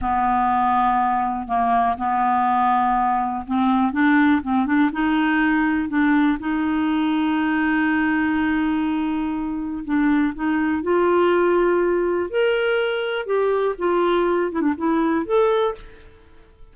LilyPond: \new Staff \with { instrumentName = "clarinet" } { \time 4/4 \tempo 4 = 122 b2. ais4 | b2. c'4 | d'4 c'8 d'8 dis'2 | d'4 dis'2.~ |
dis'1 | d'4 dis'4 f'2~ | f'4 ais'2 g'4 | f'4. e'16 d'16 e'4 a'4 | }